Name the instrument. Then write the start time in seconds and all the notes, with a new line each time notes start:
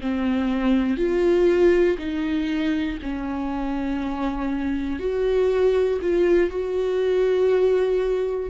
viola
0.00 C4
0.96 F4
1.98 D#4
3.02 C#4
4.99 F#4
6.01 F4
6.50 F#4